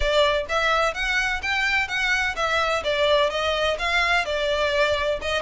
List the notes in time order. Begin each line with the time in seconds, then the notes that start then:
0.00 D5
0.48 E5
0.94 F#5
1.42 G5
1.87 F#5
2.36 E5
2.84 D5
3.29 D#5
3.78 F5
4.25 D5
5.21 D#5